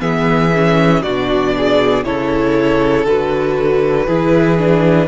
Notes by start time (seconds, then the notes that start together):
0.00 E3 B3 G#4 E5
0.55 C#4
1.02 B2 D4 F#4 D5
1.57 G#4
2.04 C#3 E4 A4 C#5
3.06 D3 F#4 B4
4.07 E3 E4 G#4
4.58 D4